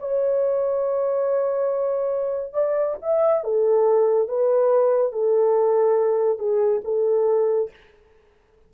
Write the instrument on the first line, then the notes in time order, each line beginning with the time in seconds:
horn
0.00 C#5
2.54 D5
3.02 E5
3.44 A4
4.29 B4
5.13 A4
6.39 G#4
6.85 A4